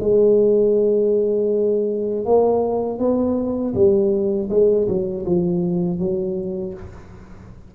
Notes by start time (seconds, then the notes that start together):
0.00 G#3
2.25 A#3
2.99 B3
3.74 G3
4.50 G#3
4.88 F#3
5.26 F3
5.99 F#3